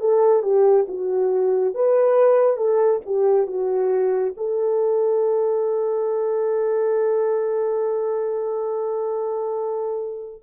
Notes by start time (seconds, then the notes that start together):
0.00 A4
0.42 G4
0.88 F#4
1.74 B4
2.57 A4
3.06 G4
3.47 F#4
4.37 A4